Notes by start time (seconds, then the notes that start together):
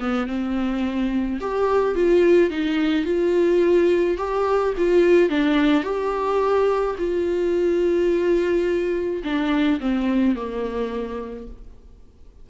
0.00 B3
0.27 C4
1.41 G4
1.95 F4
2.51 D#4
3.05 F4
4.18 G4
4.78 F4
5.30 D4
5.84 G4
6.98 F4
9.24 D4
9.81 C4
10.36 A#3